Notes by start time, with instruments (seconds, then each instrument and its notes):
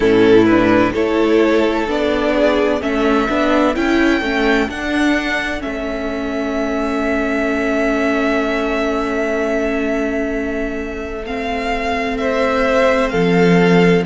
0.00 cello A2, viola C#4, violin E4 A4
0.45 viola D4, violin B4
0.92 cello A3, viola E4, violin A4 C#5
1.87 cello B3, viola D4, violin D5
2.35 violin G#4
2.81 cello A3, viola C#4, violin A4 E5
3.29 cello B3, viola D4
3.75 cello C#4, viola E4, violin G5
4.21 cello A3, viola C#4
4.68 viola D4, cello D4, violin F#5
5.59 cello A3, viola C#4, violin E5
11.26 viola C4, violin F5
12.17 violin C5 E5
13.09 cello F3, violin A4 F5